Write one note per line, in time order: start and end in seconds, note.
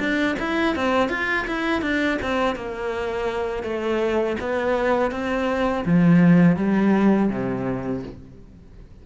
0.00 0.37 D4
0.40 0.76 E4
0.76 1.10 C4
1.10 1.46 F4
1.48 1.82 E4
1.82 2.19 D4
2.22 2.56 C4
2.56 3.64 A#3
3.64 4.37 A3
4.40 5.12 B3
5.12 5.85 C4
5.86 6.57 F3
6.57 7.30 G3
7.30 8.03 C3